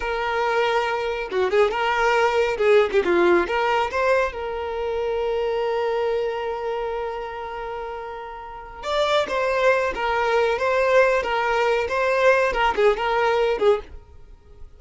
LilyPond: \new Staff \with { instrumentName = "violin" } { \time 4/4 \tempo 4 = 139 ais'2. fis'8 gis'8 | ais'2 gis'8. g'16 f'4 | ais'4 c''4 ais'2~ | ais'1~ |
ais'1~ | ais'8 d''4 c''4. ais'4~ | ais'8 c''4. ais'4. c''8~ | c''4 ais'8 gis'8 ais'4. gis'8 | }